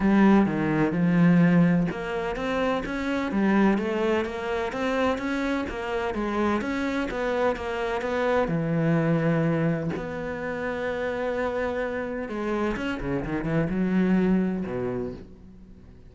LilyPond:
\new Staff \with { instrumentName = "cello" } { \time 4/4 \tempo 4 = 127 g4 dis4 f2 | ais4 c'4 cis'4 g4 | a4 ais4 c'4 cis'4 | ais4 gis4 cis'4 b4 |
ais4 b4 e2~ | e4 b2.~ | b2 gis4 cis'8 cis8 | dis8 e8 fis2 b,4 | }